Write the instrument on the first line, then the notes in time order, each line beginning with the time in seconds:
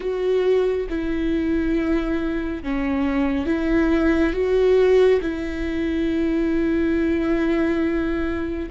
viola
0.00 F#4
0.89 E4
2.63 C#4
3.46 E4
4.33 F#4
5.21 E4